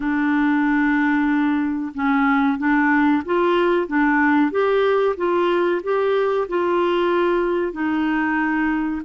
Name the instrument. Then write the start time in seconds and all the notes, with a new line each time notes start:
clarinet
0.00 D4
1.94 C#4
2.58 D4
3.25 F4
3.87 D4
4.51 G4
5.16 F4
5.83 G4
6.48 F4
7.72 D#4